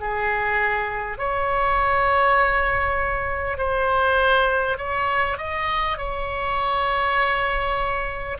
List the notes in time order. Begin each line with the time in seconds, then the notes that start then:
0.00 G#4
1.18 C#5
3.58 C5
4.78 C#5
5.38 D#5
5.98 C#5